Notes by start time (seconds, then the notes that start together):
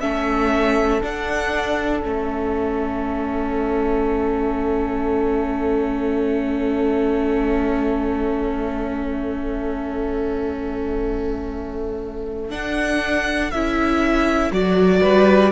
0.00 A3 C#4 A4 E5
1.02 D4 F#5
2.02 A3 C#4 E5
12.49 D4 F#5
13.51 C#4 E4 E5
14.51 F#3 F#4 D5
15.01 G3 B4